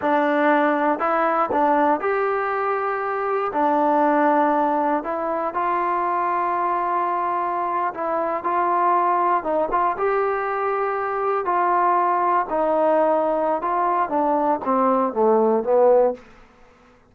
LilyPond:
\new Staff \with { instrumentName = "trombone" } { \time 4/4 \tempo 4 = 119 d'2 e'4 d'4 | g'2. d'4~ | d'2 e'4 f'4~ | f'2.~ f'8. e'16~ |
e'8. f'2 dis'8 f'8 g'16~ | g'2~ g'8. f'4~ f'16~ | f'8. dis'2~ dis'16 f'4 | d'4 c'4 a4 b4 | }